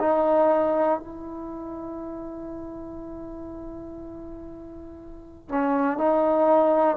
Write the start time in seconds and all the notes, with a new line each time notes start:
0.00 D#4
0.99 E4
5.49 C#4
5.98 D#4